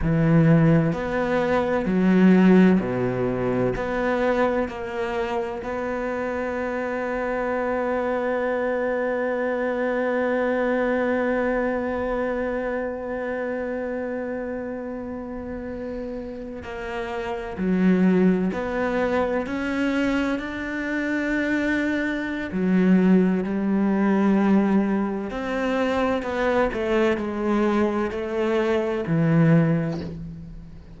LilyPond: \new Staff \with { instrumentName = "cello" } { \time 4/4 \tempo 4 = 64 e4 b4 fis4 b,4 | b4 ais4 b2~ | b1~ | b1~ |
b4.~ b16 ais4 fis4 b16~ | b8. cis'4 d'2~ d'16 | fis4 g2 c'4 | b8 a8 gis4 a4 e4 | }